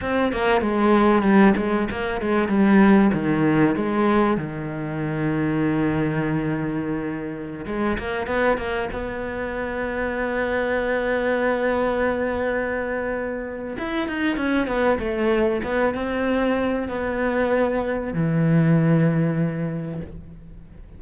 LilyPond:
\new Staff \with { instrumentName = "cello" } { \time 4/4 \tempo 4 = 96 c'8 ais8 gis4 g8 gis8 ais8 gis8 | g4 dis4 gis4 dis4~ | dis1~ | dis16 gis8 ais8 b8 ais8 b4.~ b16~ |
b1~ | b2 e'8 dis'8 cis'8 b8 | a4 b8 c'4. b4~ | b4 e2. | }